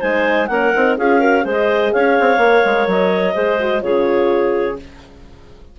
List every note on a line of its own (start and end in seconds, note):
0.00 0.49 G#3
0.00 0.49 D#4
0.00 0.48 C5
0.00 0.47 G#5
0.47 0.73 A#3
0.47 0.74 C#4
0.47 0.98 A#4
0.47 0.95 F#5
0.75 0.98 C4
0.75 0.99 D#4
0.98 1.45 C#4
0.98 1.20 F4
0.98 1.20 G#4
0.98 1.47 F5
1.20 1.43 F#4
1.20 1.44 A#4
1.43 1.93 G#3
1.43 2.39 G#4
1.43 1.92 C5
1.43 1.93 D#5
1.93 2.19 C#4
1.93 3.35 C#5
1.93 2.88 F5
2.21 2.38 C4
2.38 2.62 A#3
2.38 3.35 A#4
2.66 2.87 G#3
2.87 3.35 F#3
2.87 3.82 D#5
3.35 3.83 G#3
3.35 3.59 G#4
3.35 3.82 C5
3.61 3.81 F#4
3.81 4.78 C#3
3.81 4.77 F4
3.81 4.79 G#4
3.81 4.77 C#5